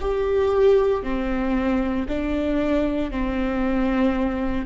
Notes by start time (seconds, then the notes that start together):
0.00 G4
1.03 C4
2.08 D4
3.10 C4